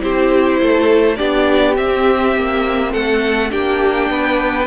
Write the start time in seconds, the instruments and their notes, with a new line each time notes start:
0.00 cello C4, viola E4, violin G4 C5
0.61 cello A3, violin A4
1.16 cello B3, viola D4, violin G4 D5
1.75 viola C4, cello C4, violin E5
2.35 cello A#3
2.91 cello A3, violin A4 F#5
3.50 cello A#3, viola D4, violin G4 G5
4.10 cello B3, violin B4